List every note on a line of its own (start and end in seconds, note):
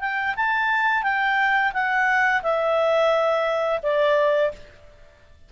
0.00 0.34 G5
0.36 1.03 A5
1.03 1.72 G5
1.73 2.42 F#5
2.42 3.80 E5
3.83 4.52 D5